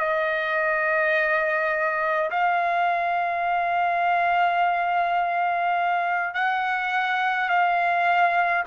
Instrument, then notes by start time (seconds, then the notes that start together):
trumpet
0.00 D#5
2.31 F5
6.35 F#5
7.49 F5